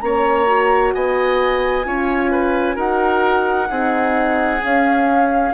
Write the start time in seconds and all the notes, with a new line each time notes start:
0.00 A#3 C#4 C#5 A#5
0.46 F#4
0.93 B3 D#5 G#5
1.84 C#4 F4 C#5
2.31 B4
2.75 D#4 F#4 A#4 F#5
3.69 C4 D#4 G#4
4.59 C#4 F5